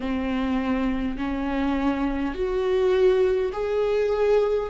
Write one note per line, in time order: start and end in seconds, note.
0.00 1.17 C4
1.17 2.34 C#4
2.34 3.52 F#4
3.52 4.69 G#4